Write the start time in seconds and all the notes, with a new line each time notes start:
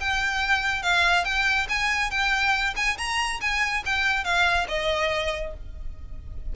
0.00 G5
0.83 F5
1.25 G5
1.69 G#5
2.11 G5
2.76 G#5
2.98 A#5
3.41 G#5
3.85 G5
4.24 F5
4.68 D#5